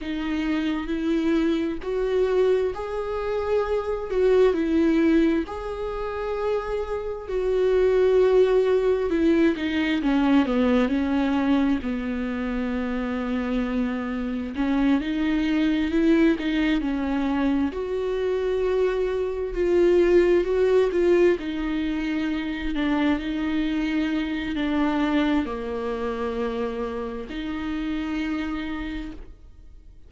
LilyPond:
\new Staff \with { instrumentName = "viola" } { \time 4/4 \tempo 4 = 66 dis'4 e'4 fis'4 gis'4~ | gis'8 fis'8 e'4 gis'2 | fis'2 e'8 dis'8 cis'8 b8 | cis'4 b2. |
cis'8 dis'4 e'8 dis'8 cis'4 fis'8~ | fis'4. f'4 fis'8 f'8 dis'8~ | dis'4 d'8 dis'4. d'4 | ais2 dis'2 | }